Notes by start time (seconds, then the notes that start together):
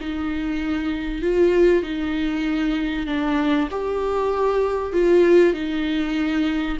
0.00 D#4
1.22 F4
1.82 D#4
3.06 D4
3.70 G4
4.92 F4
5.54 D#4